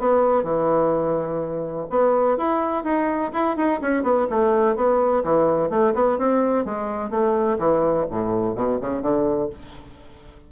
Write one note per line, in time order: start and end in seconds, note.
0.00 0.44 B3
0.44 1.87 E3
1.90 2.38 B3
2.38 2.84 E4
2.84 3.32 D#4
3.34 3.57 E4
3.57 3.81 D#4
3.82 4.03 C#4
4.03 4.27 B3
4.31 4.76 A3
4.76 5.24 B3
5.24 5.71 E3
5.71 5.94 A3
5.95 6.19 B3
6.19 6.65 C4
6.65 7.11 G#3
7.11 7.58 A3
7.59 8.06 E3
8.11 8.56 A2
8.56 8.80 B2
8.81 9.02 C#3
9.02 9.50 D3